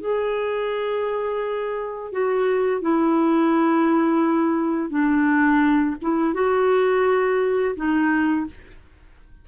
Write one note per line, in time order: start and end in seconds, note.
0.00 2.12 G#4
2.12 2.81 F#4
2.81 4.89 E4
4.89 5.95 D4
6.01 6.33 E4
6.33 7.75 F#4
7.75 8.46 D#4